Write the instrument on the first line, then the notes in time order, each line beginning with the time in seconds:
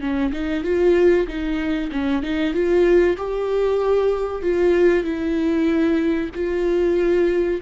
viola
0.00 C#4
0.32 D#4
0.63 F4
1.27 D#4
1.91 C#4
2.22 D#4
2.53 F4
3.17 G4
4.42 F4
5.03 E4
6.34 F4